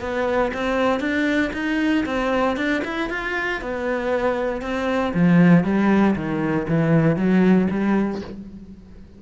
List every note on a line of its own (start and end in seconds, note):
0.00 0.51 B3
0.53 0.99 C4
0.99 1.51 D4
1.53 2.04 D#4
2.05 2.56 C4
2.56 2.82 D4
2.84 3.09 E4
3.09 3.61 F4
3.61 4.61 B3
4.61 5.12 C4
5.13 5.64 F3
5.64 6.15 G3
6.15 6.66 D#3
6.68 7.16 E3
7.16 7.67 F#3
7.70 8.21 G3